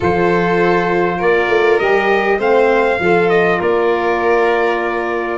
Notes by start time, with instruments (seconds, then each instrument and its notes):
0.00 tuba F3, saxophone F4, violin A4, trumpet C5
1.17 tuba A#3, violin A#4, trumpet D5
1.48 tuba A3
1.79 tuba G3, saxophone G4, trumpet D#5
2.38 tuba A3, saxophone C4, violin C5, trumpet F5
2.99 tuba F3, saxophone F4, violin A4
3.29 trumpet D#5
3.59 tuba A#3, violin A#4, trumpet D5